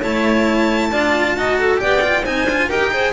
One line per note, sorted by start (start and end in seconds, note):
0.00 0.92 A3
0.00 0.91 E4
0.00 0.89 C#5
0.00 1.80 A5
0.92 1.36 D4
0.92 1.37 F4
0.92 1.36 D5
1.36 1.81 D#4
1.36 1.77 F#4
1.36 1.59 D#5
1.59 1.81 A4
1.77 2.25 B3
1.77 2.00 G4
1.77 2.23 D5
1.77 2.25 G5
2.01 2.24 F4
2.23 2.45 C4
2.23 2.48 D#4
2.23 2.68 C5
2.23 2.70 G#5
2.45 2.67 D4
2.45 2.70 F4
2.69 3.13 D#4
2.69 2.92 G4
2.69 2.91 A#4
2.69 3.13 G5
2.92 3.13 G#4
2.92 3.13 C5